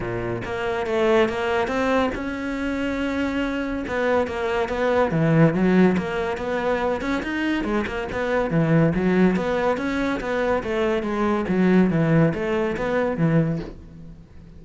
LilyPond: \new Staff \with { instrumentName = "cello" } { \time 4/4 \tempo 4 = 141 ais,4 ais4 a4 ais4 | c'4 cis'2.~ | cis'4 b4 ais4 b4 | e4 fis4 ais4 b4~ |
b8 cis'8 dis'4 gis8 ais8 b4 | e4 fis4 b4 cis'4 | b4 a4 gis4 fis4 | e4 a4 b4 e4 | }